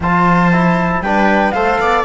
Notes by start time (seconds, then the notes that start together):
0.00 F3 F4 C5 A5
0.52 E4
1.00 G3 D4 B4 G5
1.51 A3 A4 C5 F5
1.79 B3 D5